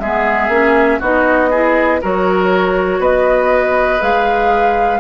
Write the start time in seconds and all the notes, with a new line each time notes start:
0.00 G#3 B3 G#4 E5
0.49 A#3 C#4
1.00 B3 D#4 F#4 D#5
1.50 E4 G#4
2.02 F#3 F#4 A#4 C#5
2.99 B3 B4 D#5
4.00 G#3 G#4 F5